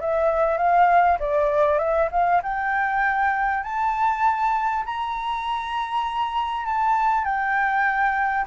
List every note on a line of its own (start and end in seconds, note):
0.00 0.57 E5
0.57 1.18 F5
1.19 1.79 D5
1.79 2.09 E5
2.11 2.42 F5
2.42 3.63 G5
3.63 4.84 A5
4.85 6.65 A#5
6.65 7.24 A5
7.24 8.45 G5